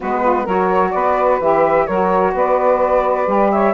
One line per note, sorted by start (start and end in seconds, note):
0.00 0.46 G#3
0.00 0.47 B3
0.00 0.22 F#4
0.00 0.48 B4
0.22 0.43 F4
0.43 0.93 F#3
0.43 1.41 F#4
0.43 0.90 A#4
0.43 0.91 C#5
0.91 1.39 B3
0.91 1.86 B4
0.91 1.38 D5
1.39 1.86 E3
1.39 1.88 G4
1.39 1.86 E5
1.86 2.34 F#3
1.86 3.26 F#4
1.86 2.33 A#4
1.86 2.33 C#5
2.34 3.27 B3
2.34 3.51 B4
2.34 3.51 D5
3.26 3.73 G3
3.26 3.73 G4
3.51 3.73 C#5
3.51 3.73 E5